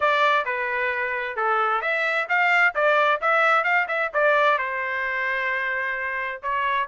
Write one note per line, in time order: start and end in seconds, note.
0.00 0.45 D5
0.45 1.36 B4
1.36 1.81 A4
1.81 2.27 E5
2.28 2.74 F5
2.75 3.20 D5
3.21 3.64 E5
3.64 3.87 F5
3.88 4.11 E5
4.13 4.58 D5
4.58 6.41 C5
6.42 6.88 C#5